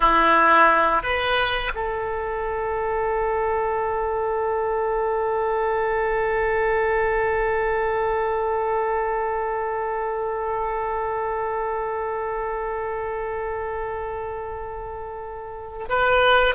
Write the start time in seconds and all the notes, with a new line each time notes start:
0.00 E4
1.02 B4
1.74 A4
15.88 B4